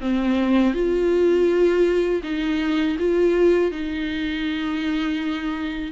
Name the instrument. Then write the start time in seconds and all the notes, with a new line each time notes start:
viola
0.00 C4
0.73 F4
2.23 D#4
2.99 F4
3.71 D#4